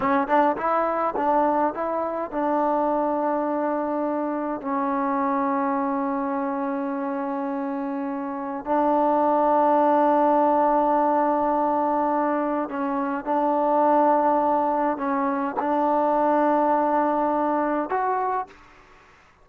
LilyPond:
\new Staff \with { instrumentName = "trombone" } { \time 4/4 \tempo 4 = 104 cis'8 d'8 e'4 d'4 e'4 | d'1 | cis'1~ | cis'2. d'4~ |
d'1~ | d'2 cis'4 d'4~ | d'2 cis'4 d'4~ | d'2. fis'4 | }